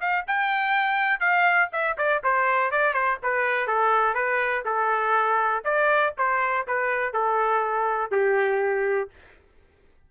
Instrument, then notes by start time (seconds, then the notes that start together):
trumpet
0.00 F5
0.27 G5
1.20 F5
1.72 E5
1.97 D5
2.23 C5
2.71 D5
2.93 C5
3.23 B4
3.67 A4
4.14 B4
4.65 A4
5.64 D5
6.17 C5
6.67 B4
7.13 A4
8.11 G4